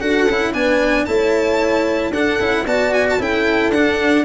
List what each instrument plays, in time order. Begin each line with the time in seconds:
0.00 tuba D4, cello F#4, horn A4, violin F#5
0.28 tuba C#4, cello E4
0.53 tuba B3, cello D4, horn B4, violin G#5
1.05 tuba A3, cello E4, horn C#5, violin A5
2.11 tuba D4, cello D4, horn A4, violin F#5
2.39 tuba C#4, cello E4
2.65 tuba B3, cello F#4, horn D5, violin A5
2.94 violin G#5
3.10 violin A5
3.19 tuba C#4, cello E4, horn A4, violin G5
3.71 tuba D4, cello D4, violin F#5